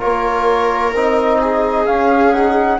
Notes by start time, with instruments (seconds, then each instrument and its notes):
0.00 bassoon A#3, trombone F4, viola A#4, flute C#5
0.94 bassoon C4, trombone D#4, flute D#5
1.40 viola G#4
1.87 trombone C#4, bassoon C#4, flute F5
2.32 trombone D#4, flute F#5